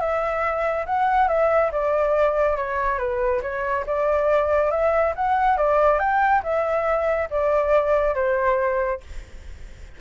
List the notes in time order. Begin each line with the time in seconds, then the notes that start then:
0.00 E5
0.86 F#5
1.28 E5
1.72 D5
2.57 C#5
2.99 B4
3.42 C#5
3.87 D5
4.71 E5
5.16 F#5
5.58 D5
5.99 G5
6.43 E5
7.31 D5
8.15 C5